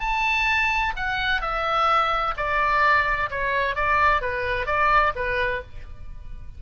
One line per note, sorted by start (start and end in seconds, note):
0.00 0.93 A5
0.96 1.41 F#5
1.41 2.34 E5
2.37 3.30 D5
3.30 3.75 C#5
3.75 4.21 D5
4.21 4.66 B4
4.66 5.13 D5
5.15 5.62 B4